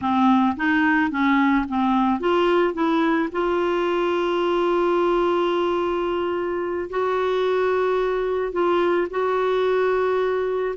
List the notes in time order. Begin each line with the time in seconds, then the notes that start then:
0.01 C4
0.56 D#4
1.10 C#4
1.68 C4
2.20 F4
2.74 E4
3.32 F4
6.90 F#4
8.52 F4
9.10 F#4